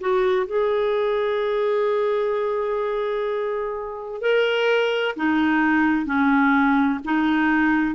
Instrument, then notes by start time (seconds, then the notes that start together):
clarinet
0.00 F#4
0.46 G#4
4.21 A#4
5.16 D#4
6.06 C#4
7.04 D#4